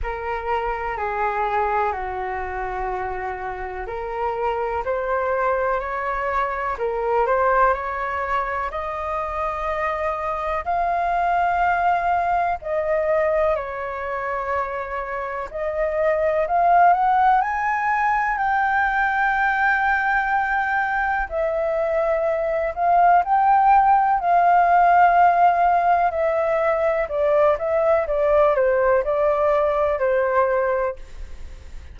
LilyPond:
\new Staff \with { instrumentName = "flute" } { \time 4/4 \tempo 4 = 62 ais'4 gis'4 fis'2 | ais'4 c''4 cis''4 ais'8 c''8 | cis''4 dis''2 f''4~ | f''4 dis''4 cis''2 |
dis''4 f''8 fis''8 gis''4 g''4~ | g''2 e''4. f''8 | g''4 f''2 e''4 | d''8 e''8 d''8 c''8 d''4 c''4 | }